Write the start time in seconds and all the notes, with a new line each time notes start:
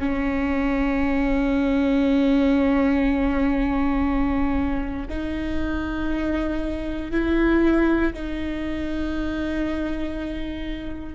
0.00 C#4
5.09 D#4
7.11 E4
8.14 D#4